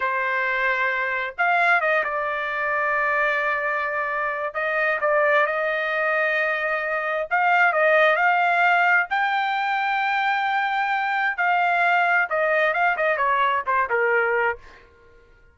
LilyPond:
\new Staff \with { instrumentName = "trumpet" } { \time 4/4 \tempo 4 = 132 c''2. f''4 | dis''8 d''2.~ d''8~ | d''2 dis''4 d''4 | dis''1 |
f''4 dis''4 f''2 | g''1~ | g''4 f''2 dis''4 | f''8 dis''8 cis''4 c''8 ais'4. | }